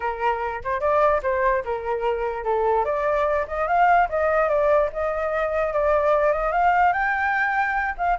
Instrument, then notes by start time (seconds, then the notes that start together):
flute
0.00 A#4
0.64 C5
0.80 D5
1.22 C5
1.64 A#4
2.44 A4
2.84 D5
3.47 D#5
3.67 F5
4.09 D#5
4.48 D5
4.92 D#5
5.73 D5
6.32 D#5
6.52 F5
6.92 G5
7.97 F5